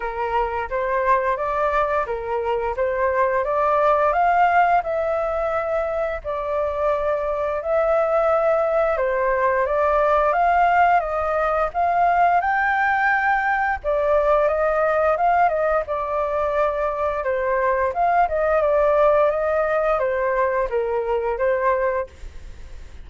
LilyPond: \new Staff \with { instrumentName = "flute" } { \time 4/4 \tempo 4 = 87 ais'4 c''4 d''4 ais'4 | c''4 d''4 f''4 e''4~ | e''4 d''2 e''4~ | e''4 c''4 d''4 f''4 |
dis''4 f''4 g''2 | d''4 dis''4 f''8 dis''8 d''4~ | d''4 c''4 f''8 dis''8 d''4 | dis''4 c''4 ais'4 c''4 | }